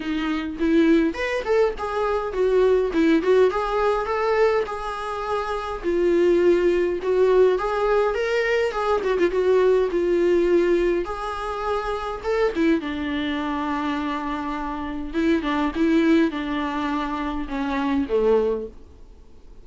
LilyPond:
\new Staff \with { instrumentName = "viola" } { \time 4/4 \tempo 4 = 103 dis'4 e'4 b'8 a'8 gis'4 | fis'4 e'8 fis'8 gis'4 a'4 | gis'2 f'2 | fis'4 gis'4 ais'4 gis'8 fis'16 f'16 |
fis'4 f'2 gis'4~ | gis'4 a'8 e'8 d'2~ | d'2 e'8 d'8 e'4 | d'2 cis'4 a4 | }